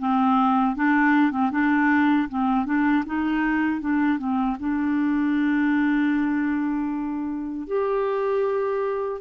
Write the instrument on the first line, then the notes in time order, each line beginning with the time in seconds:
clarinet
0.00 C4
0.76 D4
1.32 C4
1.52 D4
2.29 C4
2.66 D4
3.06 D#4
3.81 D4
4.19 C4
4.60 D4
7.68 G4